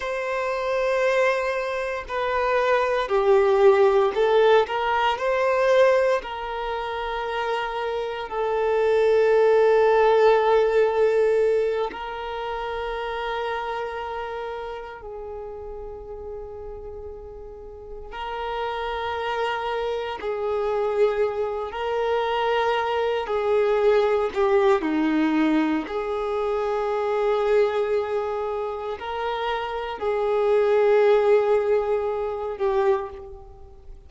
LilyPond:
\new Staff \with { instrumentName = "violin" } { \time 4/4 \tempo 4 = 58 c''2 b'4 g'4 | a'8 ais'8 c''4 ais'2 | a'2.~ a'8 ais'8~ | ais'2~ ais'8 gis'4.~ |
gis'4. ais'2 gis'8~ | gis'4 ais'4. gis'4 g'8 | dis'4 gis'2. | ais'4 gis'2~ gis'8 g'8 | }